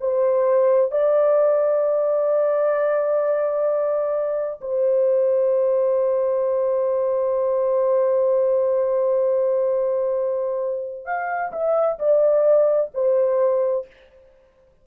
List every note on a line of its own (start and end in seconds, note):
0.00 0.91 C5
0.91 4.60 D5
4.61 11.05 C5
11.05 11.51 F5
11.52 11.98 E5
11.98 12.91 D5
12.94 13.86 C5